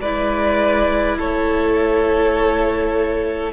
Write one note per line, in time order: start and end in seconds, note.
0.00 1.18 G#3
0.00 3.52 E4
0.00 1.18 B4
0.00 1.18 D5
1.18 3.52 A3
1.18 3.52 A4
1.18 3.52 C#5